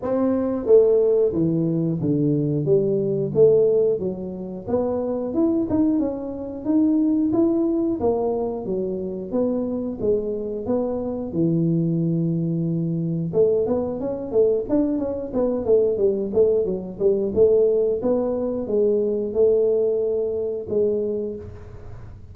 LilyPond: \new Staff \with { instrumentName = "tuba" } { \time 4/4 \tempo 4 = 90 c'4 a4 e4 d4 | g4 a4 fis4 b4 | e'8 dis'8 cis'4 dis'4 e'4 | ais4 fis4 b4 gis4 |
b4 e2. | a8 b8 cis'8 a8 d'8 cis'8 b8 a8 | g8 a8 fis8 g8 a4 b4 | gis4 a2 gis4 | }